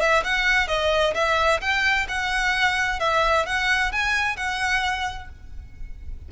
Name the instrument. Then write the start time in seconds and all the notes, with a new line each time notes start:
violin
0.00 E5
0.23 F#5
0.67 D#5
1.14 E5
1.60 G5
2.08 F#5
2.99 E5
3.46 F#5
3.92 G#5
4.36 F#5